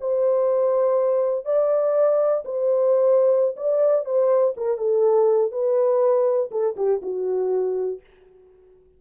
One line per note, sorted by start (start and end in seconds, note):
0.00 1.45 C5
1.45 2.43 D5
2.45 3.55 C5
3.56 4.05 D5
4.05 4.54 C5
4.56 4.77 A#4
4.77 5.51 A4
5.51 6.50 B4
6.51 6.75 A4
6.76 7.01 G4
7.02 8.00 F#4